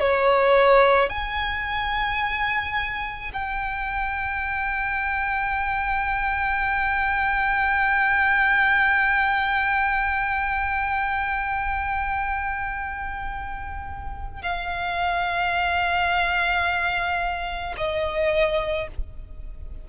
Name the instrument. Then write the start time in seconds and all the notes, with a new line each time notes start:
violin
0.00 C#5
1.09 G#5
3.33 G5
14.42 F5
17.77 D#5